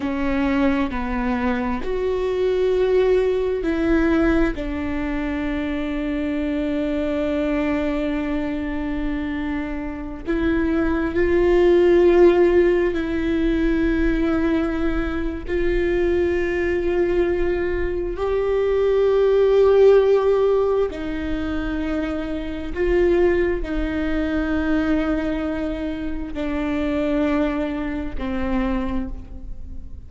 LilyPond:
\new Staff \with { instrumentName = "viola" } { \time 4/4 \tempo 4 = 66 cis'4 b4 fis'2 | e'4 d'2.~ | d'2.~ d'16 e'8.~ | e'16 f'2 e'4.~ e'16~ |
e'4 f'2. | g'2. dis'4~ | dis'4 f'4 dis'2~ | dis'4 d'2 c'4 | }